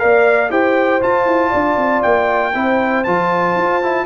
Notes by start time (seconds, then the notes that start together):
0.00 A#3 A#4 D5 F5
0.50 E4 G4 C5 G5
1.01 F4 A5
1.26 E4
1.50 D4 D5
1.77 C4
2.03 A#3 G5
2.55 C4 E4 C5
3.04 F3 F4 A5
3.57 F4
3.83 E4